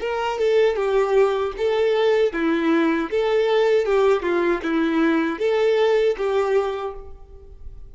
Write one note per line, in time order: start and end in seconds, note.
0.00 0.38 A#4
0.38 0.76 A4
0.76 1.52 G4
1.57 2.33 A4
2.33 3.10 E4
3.10 3.85 A4
3.85 4.22 G4
4.22 4.60 F4
4.62 5.39 E4
5.39 6.16 A4
6.17 6.94 G4